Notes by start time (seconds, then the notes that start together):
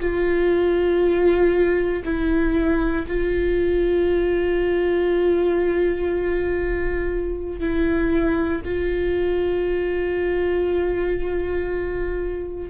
0.00 F4
2.04 E4
3.07 F4
7.60 E4
8.64 F4